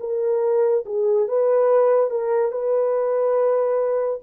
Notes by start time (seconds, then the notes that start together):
0.00 A#4
0.85 G#4
1.28 B4
2.10 A#4
2.52 B4